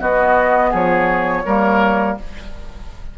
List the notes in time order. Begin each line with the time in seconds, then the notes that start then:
0.00 B3 F#4 D#5
0.70 F3 G#4 C#5
1.46 G3 A#3 A#4